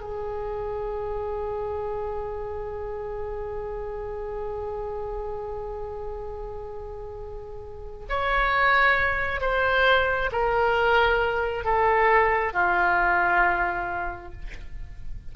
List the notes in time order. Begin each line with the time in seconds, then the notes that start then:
0.00 G#4
8.09 C#5
9.41 C5
10.31 A#4
11.64 A4
12.53 F4